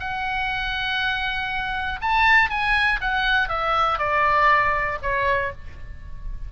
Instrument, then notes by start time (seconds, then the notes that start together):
oboe
0.00 F#5
2.01 A5
2.50 G#5
3.01 F#5
3.49 E5
3.99 D5
5.02 C#5